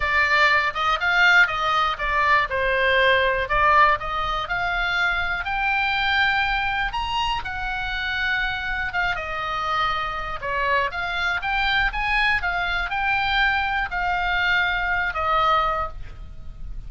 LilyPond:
\new Staff \with { instrumentName = "oboe" } { \time 4/4 \tempo 4 = 121 d''4. dis''8 f''4 dis''4 | d''4 c''2 d''4 | dis''4 f''2 g''4~ | g''2 ais''4 fis''4~ |
fis''2 f''8 dis''4.~ | dis''4 cis''4 f''4 g''4 | gis''4 f''4 g''2 | f''2~ f''8 dis''4. | }